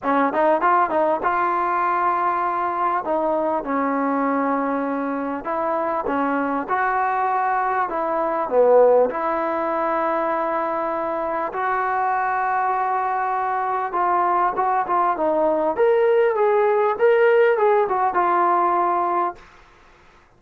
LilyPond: \new Staff \with { instrumentName = "trombone" } { \time 4/4 \tempo 4 = 99 cis'8 dis'8 f'8 dis'8 f'2~ | f'4 dis'4 cis'2~ | cis'4 e'4 cis'4 fis'4~ | fis'4 e'4 b4 e'4~ |
e'2. fis'4~ | fis'2. f'4 | fis'8 f'8 dis'4 ais'4 gis'4 | ais'4 gis'8 fis'8 f'2 | }